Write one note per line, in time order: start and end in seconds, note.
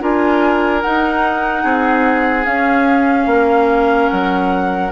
0.00 0.84 D4
0.00 0.82 F4
0.00 1.63 A#4
0.00 0.81 G#5
0.81 2.45 D#4
0.81 1.64 D#4
0.81 2.45 F#5
1.63 2.45 C4
1.63 3.27 G#4
2.45 4.91 C#4
2.45 3.26 C#4
2.45 4.09 F5
3.26 4.08 A#3
3.26 4.92 A#4
4.09 4.92 F#3
4.09 4.91 F#5